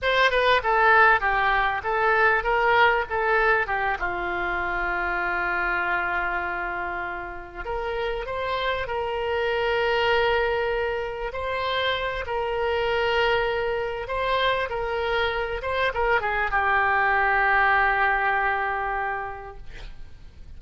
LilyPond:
\new Staff \with { instrumentName = "oboe" } { \time 4/4 \tempo 4 = 98 c''8 b'8 a'4 g'4 a'4 | ais'4 a'4 g'8 f'4.~ | f'1~ | f'8 ais'4 c''4 ais'4.~ |
ais'2~ ais'8 c''4. | ais'2. c''4 | ais'4. c''8 ais'8 gis'8 g'4~ | g'1 | }